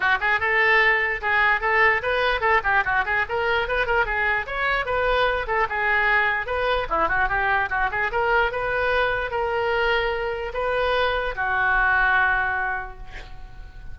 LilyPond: \new Staff \with { instrumentName = "oboe" } { \time 4/4 \tempo 4 = 148 fis'8 gis'8 a'2 gis'4 | a'4 b'4 a'8 g'8 fis'8 gis'8 | ais'4 b'8 ais'8 gis'4 cis''4 | b'4. a'8 gis'2 |
b'4 e'8 fis'8 g'4 fis'8 gis'8 | ais'4 b'2 ais'4~ | ais'2 b'2 | fis'1 | }